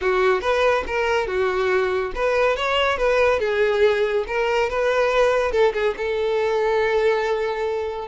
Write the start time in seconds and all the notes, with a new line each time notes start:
0.01 F#4
0.41 B4
0.86 A#4
1.27 F#4
2.15 B4
2.56 C#5
2.97 B4
3.39 G#4
4.27 A#4
4.69 B4
5.51 A4
5.73 G#4
5.97 A4